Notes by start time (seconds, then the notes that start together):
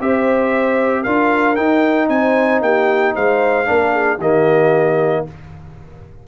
0.00 C4 G4 C5 E5
1.02 D4 F4 A#4 F5
1.55 D#4 G5
2.08 C4 C5 G#5
2.61 A#3 G4 G5
3.14 G#3 C5 F5
3.65 A#3 D4 A#4
3.92 G#4
4.17 D#3 A#3 G4 D#5